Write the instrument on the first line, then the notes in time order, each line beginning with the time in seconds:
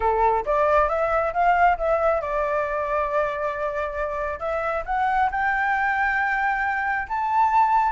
flute
0.00 A4
0.45 D5
0.88 E5
1.33 F5
1.77 E5
2.21 D5
4.39 E5
4.85 F#5
5.31 G5
7.08 A5